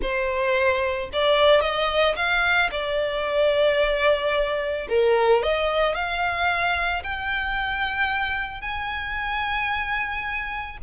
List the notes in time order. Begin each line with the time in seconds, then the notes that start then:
0.01 C5
1.12 D5
1.61 D#5
2.15 F5
2.71 D5
4.88 A#4
5.43 D#5
5.95 F5
7.03 G5
8.61 G#5